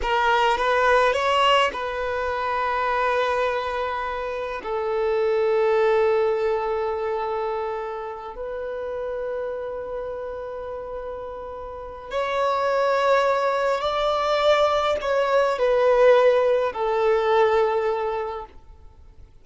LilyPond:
\new Staff \with { instrumentName = "violin" } { \time 4/4 \tempo 4 = 104 ais'4 b'4 cis''4 b'4~ | b'1 | a'1~ | a'2~ a'8 b'4.~ |
b'1~ | b'4 cis''2. | d''2 cis''4 b'4~ | b'4 a'2. | }